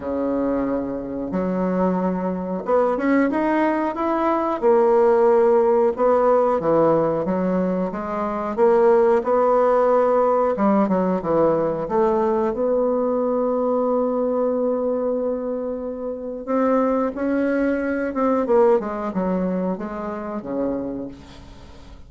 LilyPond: \new Staff \with { instrumentName = "bassoon" } { \time 4/4 \tempo 4 = 91 cis2 fis2 | b8 cis'8 dis'4 e'4 ais4~ | ais4 b4 e4 fis4 | gis4 ais4 b2 |
g8 fis8 e4 a4 b4~ | b1~ | b4 c'4 cis'4. c'8 | ais8 gis8 fis4 gis4 cis4 | }